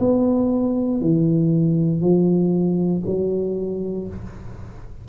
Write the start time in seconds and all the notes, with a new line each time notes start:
0.00 B3
1.01 E3
2.01 F3
3.06 F#3